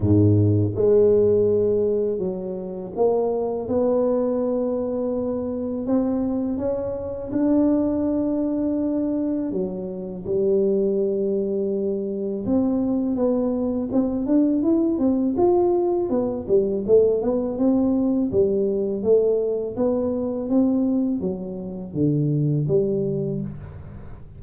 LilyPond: \new Staff \with { instrumentName = "tuba" } { \time 4/4 \tempo 4 = 82 gis,4 gis2 fis4 | ais4 b2. | c'4 cis'4 d'2~ | d'4 fis4 g2~ |
g4 c'4 b4 c'8 d'8 | e'8 c'8 f'4 b8 g8 a8 b8 | c'4 g4 a4 b4 | c'4 fis4 d4 g4 | }